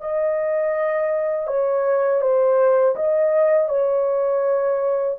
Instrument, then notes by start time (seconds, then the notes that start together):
horn
0.00 D#5
1.47 C#5
2.21 C5
2.95 D#5
3.68 C#5